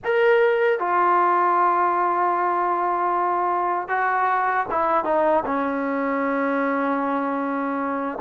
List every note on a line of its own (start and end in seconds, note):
0.04 0.79 A#4
0.79 3.88 F4
3.88 4.66 F#4
4.70 5.04 E4
5.04 5.43 D#4
5.45 8.18 C#4